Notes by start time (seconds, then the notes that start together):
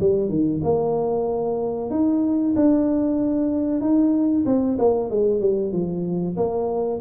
0.00 G3
0.29 D#3
0.63 A#3
1.90 D#4
2.56 D4
3.81 D#4
4.46 C4
4.78 A#3
5.10 G#3
5.40 G3
5.72 F3
6.36 A#3